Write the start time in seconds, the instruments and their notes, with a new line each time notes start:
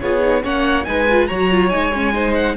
0.00 cello B3, viola F4, violin G#4 C#5
0.19 viola D#4
0.42 cello A#3, viola C#4, violin C#5 F#5
0.84 cello G#3, viola D#4, violin B4 G#5
1.08 viola F4
1.27 cello F#3, viola F#4, violin C#5 A#5
1.50 viola F4
1.69 cello G#3, viola D#4, violin G#5
1.92 viola C#4
2.13 viola D#4, violin C5
2.34 violin F#5